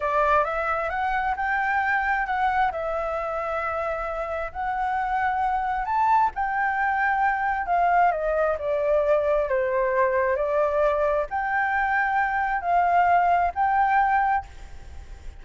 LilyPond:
\new Staff \with { instrumentName = "flute" } { \time 4/4 \tempo 4 = 133 d''4 e''4 fis''4 g''4~ | g''4 fis''4 e''2~ | e''2 fis''2~ | fis''4 a''4 g''2~ |
g''4 f''4 dis''4 d''4~ | d''4 c''2 d''4~ | d''4 g''2. | f''2 g''2 | }